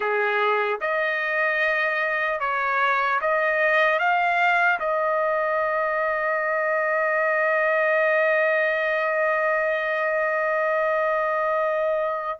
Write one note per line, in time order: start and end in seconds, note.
0.00 0.80 G#4
0.80 2.40 D#5
2.40 3.20 C#5
3.21 3.99 D#5
3.99 4.79 F5
4.79 12.39 D#5